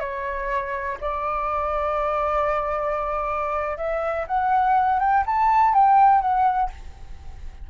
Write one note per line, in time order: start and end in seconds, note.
0.00 0.98 C#5
1.01 3.77 D5
3.77 4.26 E5
4.27 5.00 F#5
5.00 5.24 G5
5.26 5.74 A5
5.74 6.21 G5
6.21 6.70 F#5